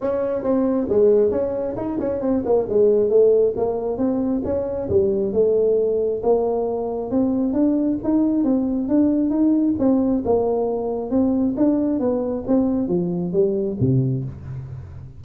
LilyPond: \new Staff \with { instrumentName = "tuba" } { \time 4/4 \tempo 4 = 135 cis'4 c'4 gis4 cis'4 | dis'8 cis'8 c'8 ais8 gis4 a4 | ais4 c'4 cis'4 g4 | a2 ais2 |
c'4 d'4 dis'4 c'4 | d'4 dis'4 c'4 ais4~ | ais4 c'4 d'4 b4 | c'4 f4 g4 c4 | }